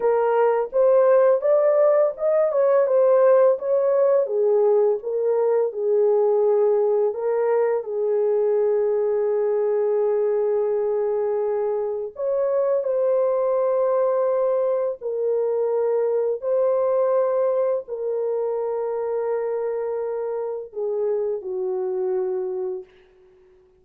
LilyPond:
\new Staff \with { instrumentName = "horn" } { \time 4/4 \tempo 4 = 84 ais'4 c''4 d''4 dis''8 cis''8 | c''4 cis''4 gis'4 ais'4 | gis'2 ais'4 gis'4~ | gis'1~ |
gis'4 cis''4 c''2~ | c''4 ais'2 c''4~ | c''4 ais'2.~ | ais'4 gis'4 fis'2 | }